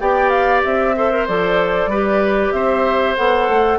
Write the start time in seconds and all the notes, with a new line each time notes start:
0.00 B3 G4 D5 G5
0.29 F5
0.64 C4 E5
0.96 A4 C5
1.11 A#4
1.27 F3 A4 D5
1.87 G3 B4
1.93 G4
2.52 C4 C5 E5
3.16 B3 A4 F#5
3.49 A3